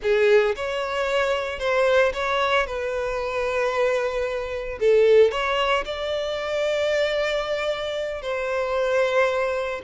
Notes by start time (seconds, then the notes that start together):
0.02 G#4
0.55 C#5
1.59 C5
2.13 C#5
2.66 B4
4.80 A4
5.31 C#5
5.85 D5
8.22 C5